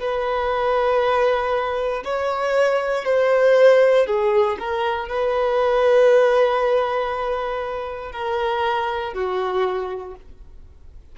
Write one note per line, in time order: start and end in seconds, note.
0.00 2.03 B4
2.05 3.05 C#5
3.05 4.07 C5
4.07 4.58 G#4
4.59 5.08 A#4
5.08 8.13 B4
8.13 9.14 A#4
9.14 10.16 F#4